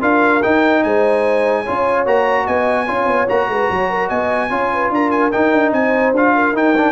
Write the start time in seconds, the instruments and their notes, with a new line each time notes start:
0.00 tuba D4, trombone F4, horn A#4, trumpet F5
0.42 trombone D#4, tuba D#4, trumpet G5
0.83 tuba G#3, horn C5, trumpet G#5
1.62 trombone F4, horn C#5
1.68 tuba C#4
2.06 tuba A#3, trombone F#4, trumpet A#5
2.44 tuba B3, horn D#5, trumpet G#5
2.86 tuba C#4, trombone F4, horn C#5
3.05 tuba B3
3.28 tuba A#3, trombone F#4, trumpet A#5
3.48 tuba G#3, horn B4
3.70 tuba F#3, horn C#5
3.90 horn A#4
4.08 tuba B3, horn D#5, trumpet G#5
4.49 tuba C#4, trombone F4, horn C#5
4.73 horn B4
4.90 tuba D4, horn A#4, trumpet A#5
5.10 trumpet G#5
5.31 trombone D#4, tuba D#4, trumpet G5
5.52 tuba D4
5.72 tuba C4, horn C5, trumpet G#5
6.12 tuba D4, trombone F4, trumpet F5
6.35 horn A#4
6.52 tuba D#4, trombone D#4, trumpet G5
6.76 trombone D4